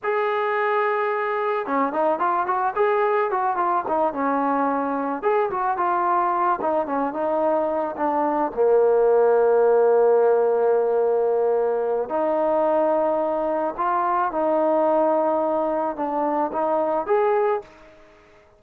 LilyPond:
\new Staff \with { instrumentName = "trombone" } { \time 4/4 \tempo 4 = 109 gis'2. cis'8 dis'8 | f'8 fis'8 gis'4 fis'8 f'8 dis'8 cis'8~ | cis'4. gis'8 fis'8 f'4. | dis'8 cis'8 dis'4. d'4 ais8~ |
ais1~ | ais2 dis'2~ | dis'4 f'4 dis'2~ | dis'4 d'4 dis'4 gis'4 | }